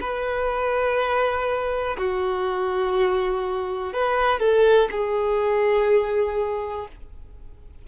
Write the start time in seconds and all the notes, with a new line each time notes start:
0.00 B4
1.97 F#4
3.93 B4
4.39 A4
4.91 G#4